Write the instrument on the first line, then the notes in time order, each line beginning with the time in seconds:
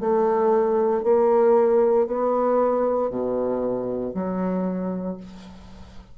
bassoon
0.00 A3
1.03 A#3
2.07 B3
3.10 B2
4.14 F#3